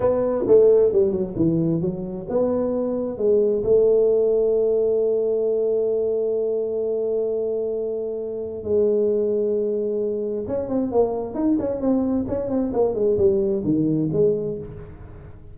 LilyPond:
\new Staff \with { instrumentName = "tuba" } { \time 4/4 \tempo 4 = 132 b4 a4 g8 fis8 e4 | fis4 b2 gis4 | a1~ | a1~ |
a2. gis4~ | gis2. cis'8 c'8 | ais4 dis'8 cis'8 c'4 cis'8 c'8 | ais8 gis8 g4 dis4 gis4 | }